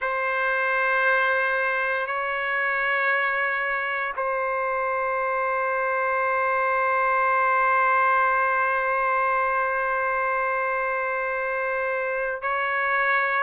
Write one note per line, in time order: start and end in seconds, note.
0.01 2.06 C5
2.06 4.13 C#5
4.16 12.41 C5
12.41 13.43 C#5